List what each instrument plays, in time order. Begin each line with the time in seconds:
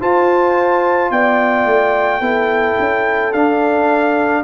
0.00 trombone F4, tuba F4, horn C5, trumpet A5
1.11 tuba B3, horn D5, trumpet G5
1.65 tuba A3
2.21 tuba B3, trombone E4, horn A4
2.79 tuba C#4
3.33 tuba D4, trombone D4, trumpet F5